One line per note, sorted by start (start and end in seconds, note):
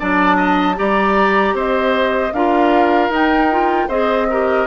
0.00 0.79 F#3
0.00 0.76 D4
0.00 0.37 D5
0.00 0.78 A5
0.37 0.76 D#5
0.76 1.54 G3
0.76 2.32 G4
0.76 1.55 D5
0.76 1.56 A#5
1.54 2.32 C4
1.54 2.33 C5
1.54 2.34 D#5
2.33 3.10 D4
2.33 3.12 F4
2.33 3.88 A#4
2.33 3.12 F5
3.10 3.87 D#4
3.10 3.51 D#4
3.10 3.90 G5
3.51 3.90 F4
3.88 4.67 C4
3.88 4.29 G#4
3.88 4.27 C5
3.88 4.67 D#5
4.30 4.67 G4
4.30 4.67 A#4